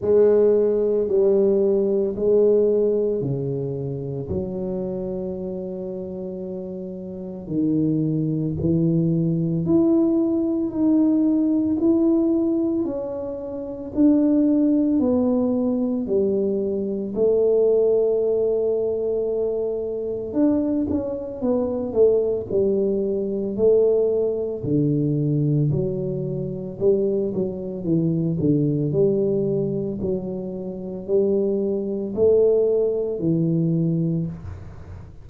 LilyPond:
\new Staff \with { instrumentName = "tuba" } { \time 4/4 \tempo 4 = 56 gis4 g4 gis4 cis4 | fis2. dis4 | e4 e'4 dis'4 e'4 | cis'4 d'4 b4 g4 |
a2. d'8 cis'8 | b8 a8 g4 a4 d4 | fis4 g8 fis8 e8 d8 g4 | fis4 g4 a4 e4 | }